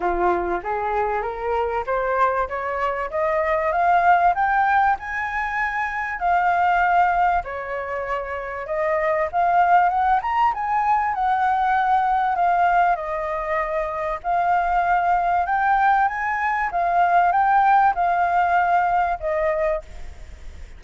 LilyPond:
\new Staff \with { instrumentName = "flute" } { \time 4/4 \tempo 4 = 97 f'4 gis'4 ais'4 c''4 | cis''4 dis''4 f''4 g''4 | gis''2 f''2 | cis''2 dis''4 f''4 |
fis''8 ais''8 gis''4 fis''2 | f''4 dis''2 f''4~ | f''4 g''4 gis''4 f''4 | g''4 f''2 dis''4 | }